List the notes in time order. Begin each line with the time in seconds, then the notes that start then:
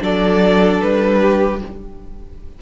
0.00 F#3 D4 A4 D5
0.82 G3 B4
1.20 G4